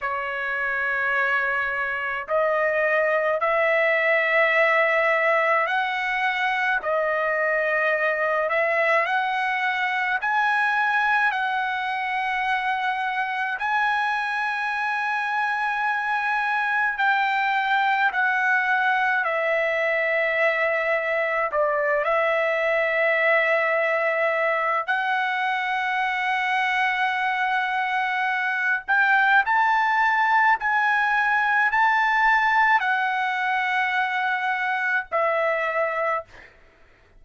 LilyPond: \new Staff \with { instrumentName = "trumpet" } { \time 4/4 \tempo 4 = 53 cis''2 dis''4 e''4~ | e''4 fis''4 dis''4. e''8 | fis''4 gis''4 fis''2 | gis''2. g''4 |
fis''4 e''2 d''8 e''8~ | e''2 fis''2~ | fis''4. g''8 a''4 gis''4 | a''4 fis''2 e''4 | }